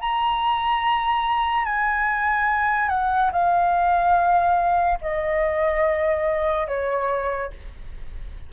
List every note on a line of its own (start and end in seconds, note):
0.00 1.65 A#5
1.65 2.89 G#5
2.89 3.30 F#5
3.32 4.98 F5
5.01 6.67 D#5
6.67 7.51 C#5